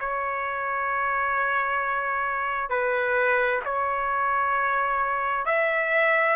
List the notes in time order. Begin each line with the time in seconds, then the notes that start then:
0.00 C#5
2.70 B4
3.65 C#5
5.46 E5